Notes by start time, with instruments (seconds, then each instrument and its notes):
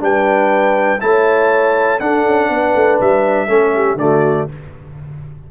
0.00 tuba G3, trombone D4, horn B4, trumpet G5
1.01 tuba A3, trombone E4, horn C#5, trumpet A5
2.00 trombone D4, tuba D4, horn A4, trumpet F#5
2.25 tuba C#4
2.49 tuba B3, horn B4
2.76 tuba A3
3.01 tuba G3, trumpet E5
3.48 tuba A3, trombone C#4, horn A4
3.76 horn G4
3.95 tuba D3, trombone A3, trumpet D5
4.01 horn F#4